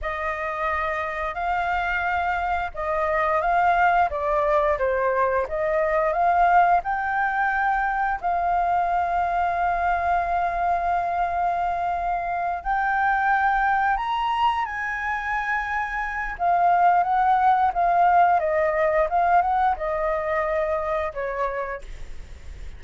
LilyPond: \new Staff \with { instrumentName = "flute" } { \time 4/4 \tempo 4 = 88 dis''2 f''2 | dis''4 f''4 d''4 c''4 | dis''4 f''4 g''2 | f''1~ |
f''2~ f''8 g''4.~ | g''8 ais''4 gis''2~ gis''8 | f''4 fis''4 f''4 dis''4 | f''8 fis''8 dis''2 cis''4 | }